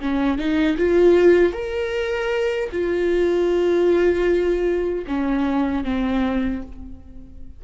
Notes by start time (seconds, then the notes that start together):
0.00 C#4
0.38 D#4
0.77 F4
1.53 A#4
2.71 F4
5.07 C#4
5.84 C4